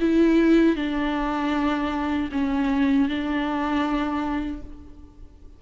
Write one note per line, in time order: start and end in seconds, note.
0.00 0.76 E4
0.76 2.29 D4
2.31 3.08 C#4
3.08 4.62 D4